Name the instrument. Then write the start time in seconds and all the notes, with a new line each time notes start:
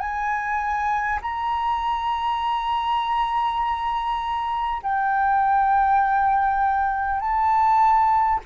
flute
0.00 G#5
1.22 A#5
4.83 G5
7.21 A5